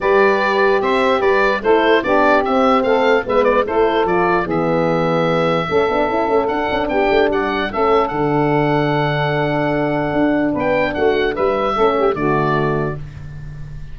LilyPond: <<
  \new Staff \with { instrumentName = "oboe" } { \time 4/4 \tempo 4 = 148 d''2 e''4 d''4 | c''4 d''4 e''4 f''4 | e''8 d''8 c''4 d''4 e''4~ | e''1 |
fis''4 g''4 fis''4 e''4 | fis''1~ | fis''2 g''4 fis''4 | e''2 d''2 | }
  \new Staff \with { instrumentName = "saxophone" } { \time 4/4 b'2 c''4 b'4 | a'4 g'2 a'4 | b'4 a'2 gis'4~ | gis'2 a'2~ |
a'4 g'4 d''4 a'4~ | a'1~ | a'2 b'4 fis'4 | b'4 a'8 g'8 fis'2 | }
  \new Staff \with { instrumentName = "horn" } { \time 4/4 g'1 | e'4 d'4 c'2 | b4 e'4 f'4 b4~ | b2 cis'8 d'8 e'8 cis'8 |
d'2. cis'4 | d'1~ | d'1~ | d'4 cis'4 a2 | }
  \new Staff \with { instrumentName = "tuba" } { \time 4/4 g2 c'4 g4 | a4 b4 c'4 a4 | gis4 a4 f4 e4~ | e2 a8 b8 cis'8 a8 |
d'8 cis'8 b8 a8 g4 a4 | d1~ | d4 d'4 b4 a4 | g4 a4 d2 | }
>>